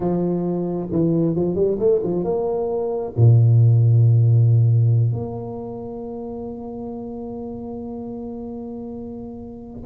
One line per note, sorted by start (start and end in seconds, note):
0.00 0.89 F3
0.91 1.35 E3
1.35 1.55 F3
1.55 1.77 G3
1.79 2.01 A3
2.03 2.24 F3
2.24 3.13 A#3
3.16 5.12 A#2
5.12 9.82 A#3